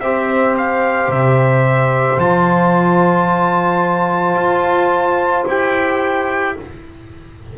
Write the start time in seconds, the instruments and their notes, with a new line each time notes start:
0.00 double bass C4, trombone G4, saxophone C5, trumpet E5
0.57 trumpet F5
1.08 double bass C3, trumpet E5
2.17 double bass F3, trombone F4, trumpet A5
4.35 double bass F4
5.46 double bass E4, trombone G4, trumpet G5